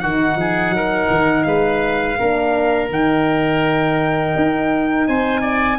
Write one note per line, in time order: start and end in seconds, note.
0.00 0.36 D#3
0.00 2.19 D#4
0.00 0.37 F#4
0.00 1.44 F#5
0.36 0.70 F3
0.36 0.76 G#4
0.70 1.06 F#3
0.70 1.47 A#4
1.10 1.46 D#3
1.44 2.18 G#3
1.44 2.19 B4
1.44 2.88 F5
2.19 2.90 A#3
2.19 2.91 D4
2.19 5.08 A#4
2.90 4.34 D#3
2.90 5.80 D#4
2.90 5.08 G5
4.36 5.08 D#4
5.08 5.80 C4
5.08 5.41 C5
5.08 5.80 G#5
5.41 5.77 D5